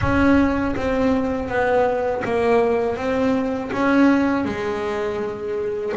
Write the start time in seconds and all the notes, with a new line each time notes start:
0.01 C#4
0.76 C4
1.48 B3
2.24 A#3
2.96 C4
3.72 C#4
4.44 G#3